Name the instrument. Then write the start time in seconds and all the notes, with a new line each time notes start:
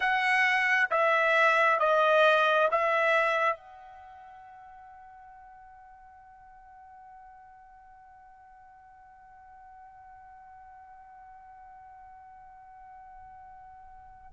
trumpet
0.00 F#5
0.90 E5
1.79 D#5
2.71 E5
3.56 F#5